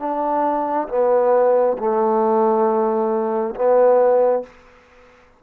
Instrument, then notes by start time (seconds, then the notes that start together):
trombone
0.00 D4
0.89 B3
1.78 A3
3.55 B3